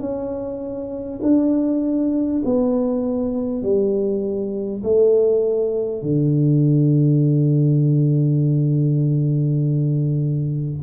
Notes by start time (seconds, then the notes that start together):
0.00 C#4
1.23 D4
2.45 B3
3.63 G3
4.84 A3
6.03 D3